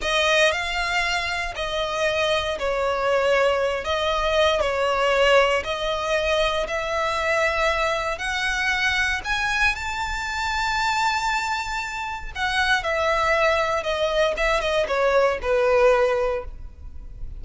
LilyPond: \new Staff \with { instrumentName = "violin" } { \time 4/4 \tempo 4 = 117 dis''4 f''2 dis''4~ | dis''4 cis''2~ cis''8 dis''8~ | dis''4 cis''2 dis''4~ | dis''4 e''2. |
fis''2 gis''4 a''4~ | a''1 | fis''4 e''2 dis''4 | e''8 dis''8 cis''4 b'2 | }